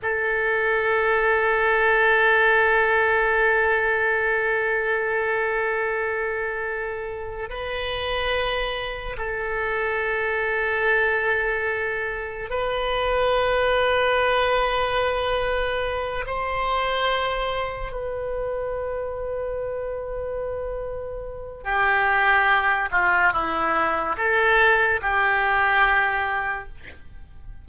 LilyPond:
\new Staff \with { instrumentName = "oboe" } { \time 4/4 \tempo 4 = 72 a'1~ | a'1~ | a'4 b'2 a'4~ | a'2. b'4~ |
b'2.~ b'8 c''8~ | c''4. b'2~ b'8~ | b'2 g'4. f'8 | e'4 a'4 g'2 | }